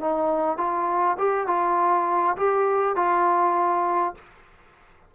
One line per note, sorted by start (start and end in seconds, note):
0.00 0.58 D#4
0.58 1.17 F4
1.18 1.47 G4
1.47 2.36 F4
2.36 2.95 G4
2.95 4.14 F4